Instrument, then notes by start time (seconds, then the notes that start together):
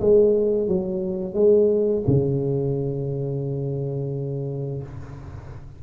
tuba
0.00 G#3
0.67 F#3
1.34 G#3
2.07 C#3